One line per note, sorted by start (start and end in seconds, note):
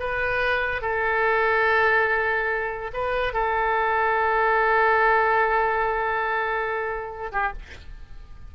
0.00 0.82 B4
0.82 2.92 A4
2.94 3.34 B4
3.34 7.32 A4
7.32 7.53 G4